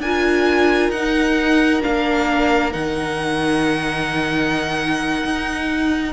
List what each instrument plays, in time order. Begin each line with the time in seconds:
0.00 cello D4, viola F4, violin A#4 G#5
0.90 cello D#4, viola D#4, violin F#5
1.82 cello A#3, viola D4, violin F5
2.72 cello D#3, viola D#4, violin F#5
5.25 cello D#4